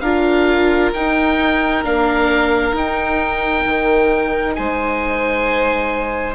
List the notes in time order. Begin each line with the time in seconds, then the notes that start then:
0.00 D4 F4 A#4 F5
0.94 D#4 G5
1.83 A#3 D4 F5
2.72 D#4 G5
3.65 D#3
4.55 G#3 C5 G#5